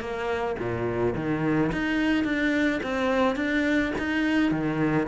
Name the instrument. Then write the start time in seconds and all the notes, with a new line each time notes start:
cello
0.00 A#3
0.58 A#2
1.15 D#3
1.72 D#4
2.24 D4
2.83 C4
3.36 D4
3.98 D#4
4.51 D#3